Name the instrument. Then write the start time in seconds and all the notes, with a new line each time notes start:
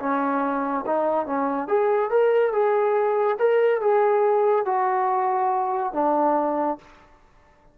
trombone
0.00 C#4
0.87 D#4
1.26 C#4
1.68 G#4
2.11 A#4
2.53 G#4
3.39 A#4
3.82 G#4
4.66 F#4
5.94 D4